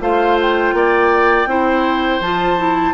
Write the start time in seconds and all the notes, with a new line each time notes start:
0.00 A3 F4 C5 F5
0.40 G5
0.73 A#3 D5
1.46 C4 E4 C5
2.20 F3 F4 A5
2.57 E4